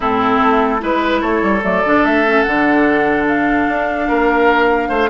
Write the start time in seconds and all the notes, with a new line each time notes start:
0.00 A2 C4 E4 A4
0.41 A3
0.79 G#3 E4 B4
1.20 A3 A4 C#5
1.42 G3
1.62 F#3 A3 D5
1.85 D3 D4
2.04 A3 E5
2.26 C#4
2.42 D3 D4 F#5
3.27 F5
3.68 D4
4.08 A#3 A#4
4.88 A3 C5